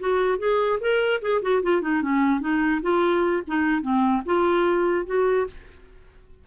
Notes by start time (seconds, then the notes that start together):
0.00 F#4
0.39 G#4
0.81 A#4
1.22 G#4
1.42 F#4
1.63 F4
1.82 D#4
2.02 C#4
2.41 D#4
2.83 F4
3.48 D#4
3.82 C4
4.26 F4
5.07 F#4